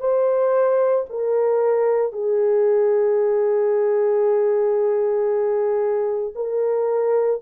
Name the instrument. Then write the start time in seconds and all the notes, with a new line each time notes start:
horn
0.00 C5
1.10 A#4
2.12 G#4
6.35 A#4